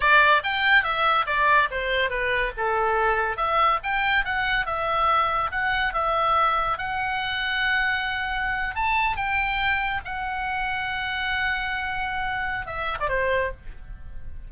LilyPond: \new Staff \with { instrumentName = "oboe" } { \time 4/4 \tempo 4 = 142 d''4 g''4 e''4 d''4 | c''4 b'4 a'2 | e''4 g''4 fis''4 e''4~ | e''4 fis''4 e''2 |
fis''1~ | fis''8. a''4 g''2 fis''16~ | fis''1~ | fis''2 e''8. d''16 c''4 | }